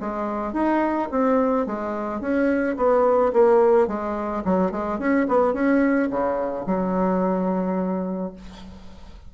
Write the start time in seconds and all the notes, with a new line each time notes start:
0.00 G#3
0.53 D#4
1.11 C4
1.66 G#3
2.21 C#4
2.77 B3
3.33 A#3
3.87 G#3
4.44 F#3
4.71 G#3
4.99 C#4
5.28 B3
5.53 C#4
6.10 C#3
6.66 F#3